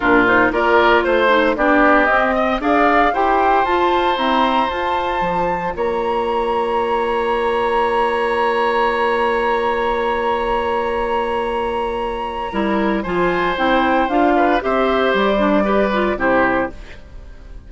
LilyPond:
<<
  \new Staff \with { instrumentName = "flute" } { \time 4/4 \tempo 4 = 115 ais'8 c''8 d''4 c''4 d''4 | dis''4 f''4 g''4 a''4 | ais''4 a''2 ais''4~ | ais''1~ |
ais''1~ | ais''1~ | ais''4 gis''4 g''4 f''4 | e''4 d''2 c''4 | }
  \new Staff \with { instrumentName = "oboe" } { \time 4/4 f'4 ais'4 c''4 g'4~ | g'8 dis''8 d''4 c''2~ | c''2. cis''4~ | cis''1~ |
cis''1~ | cis''1 | ais'4 c''2~ c''8 b'8 | c''2 b'4 g'4 | }
  \new Staff \with { instrumentName = "clarinet" } { \time 4/4 d'8 dis'8 f'4. dis'8 d'4 | c'4 gis'4 g'4 f'4 | c'4 f'2.~ | f'1~ |
f'1~ | f'1 | e'4 f'4 e'4 f'4 | g'4. d'8 g'8 f'8 e'4 | }
  \new Staff \with { instrumentName = "bassoon" } { \time 4/4 ais,4 ais4 a4 b4 | c'4 d'4 e'4 f'4 | e'4 f'4 f4 ais4~ | ais1~ |
ais1~ | ais1 | g4 f4 c'4 d'4 | c'4 g2 c4 | }
>>